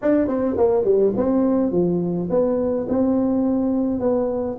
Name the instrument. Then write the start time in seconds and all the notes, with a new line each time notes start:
tuba
0.02 D4
0.27 C4
0.57 A#3
0.84 G3
1.16 C4
1.71 F3
2.30 B3
2.88 C4
4.00 B3